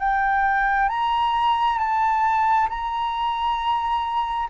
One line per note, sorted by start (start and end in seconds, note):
0.00 0.89 G5
0.89 1.79 A#5
1.79 2.68 A5
2.69 4.49 A#5